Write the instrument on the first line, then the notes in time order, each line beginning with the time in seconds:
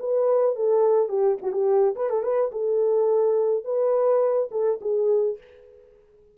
horn
0.00 B4
0.56 A4
1.09 G4
1.43 F#4
1.53 G4
1.96 B4
2.10 A4
2.23 B4
2.52 A4
3.65 B4
4.52 A4
4.81 G#4